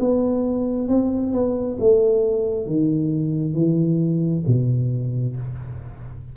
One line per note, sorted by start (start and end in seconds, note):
0.00 0.88 B3
0.88 1.33 C4
1.33 1.78 B3
1.80 2.67 A3
2.67 3.55 D#3
3.55 4.44 E3
4.47 5.36 B2